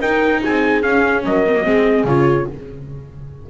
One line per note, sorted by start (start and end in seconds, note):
0.00 0.42 D#4
0.00 0.83 D#4
0.00 0.41 A#4
0.00 0.42 G5
0.42 0.83 C4
0.42 1.25 G#4
0.42 0.82 G#5
0.82 1.24 C#4
0.82 1.45 C#4
0.82 1.23 F5
1.24 1.66 F#3
1.24 1.66 A#4
1.24 2.08 D#5
1.47 1.56 C4
1.56 1.63 A#3
1.63 2.04 G#3
1.63 2.05 C4
1.63 2.49 G#4
2.04 2.46 C#3
2.04 2.49 F4
2.04 2.50 C#5